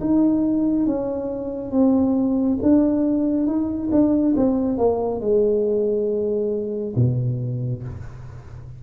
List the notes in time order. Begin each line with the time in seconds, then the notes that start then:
0.00 D#4
0.86 C#4
1.71 C4
2.62 D4
3.46 D#4
3.91 D4
4.36 C4
4.77 A#3
5.21 G#3
6.96 B2